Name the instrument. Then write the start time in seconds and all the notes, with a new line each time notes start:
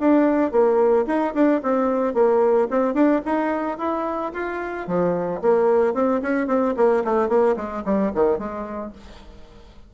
bassoon
0.00 D4
0.52 A#3
1.07 D#4
1.34 D4
1.63 C4
2.14 A#3
2.71 C4
2.94 D4
3.25 D#4
3.78 E4
4.33 F4
4.87 F3
5.42 A#3
5.94 C4
6.22 C#4
6.47 C4
6.77 A#3
7.04 A3
7.29 A#3
7.56 G#3
7.85 G3
8.15 D#3
8.38 G#3